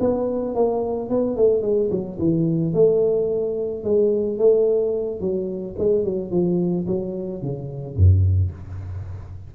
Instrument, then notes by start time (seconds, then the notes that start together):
tuba
0.00 B3
0.55 A#3
1.09 B3
1.36 A3
1.62 G#3
1.91 F#3
2.19 E3
2.74 A3
3.84 G#3
4.38 A3
5.20 F#3
5.78 G#3
6.04 F#3
6.31 F3
6.87 F#3
7.42 C#3
7.96 F#2